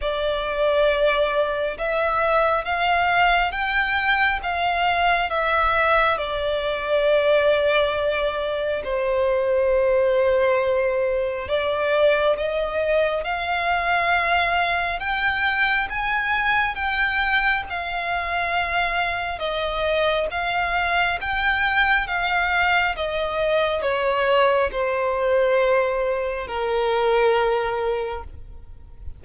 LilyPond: \new Staff \with { instrumentName = "violin" } { \time 4/4 \tempo 4 = 68 d''2 e''4 f''4 | g''4 f''4 e''4 d''4~ | d''2 c''2~ | c''4 d''4 dis''4 f''4~ |
f''4 g''4 gis''4 g''4 | f''2 dis''4 f''4 | g''4 f''4 dis''4 cis''4 | c''2 ais'2 | }